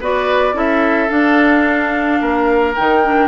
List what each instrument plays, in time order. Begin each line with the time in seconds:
0.00 bassoon B3, clarinet F#4, oboe B4, flute D5
0.53 bassoon C#4, clarinet E4, oboe A4, flute E5
1.08 clarinet D4, bassoon D4, flute F5
2.21 bassoon A#3, oboe A#4
2.75 bassoon D#3, clarinet D#4, flute G5
3.04 clarinet D4